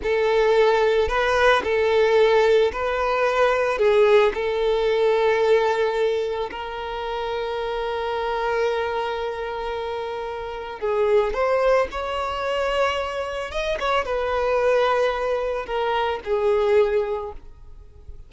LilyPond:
\new Staff \with { instrumentName = "violin" } { \time 4/4 \tempo 4 = 111 a'2 b'4 a'4~ | a'4 b'2 gis'4 | a'1 | ais'1~ |
ais'1 | gis'4 c''4 cis''2~ | cis''4 dis''8 cis''8 b'2~ | b'4 ais'4 gis'2 | }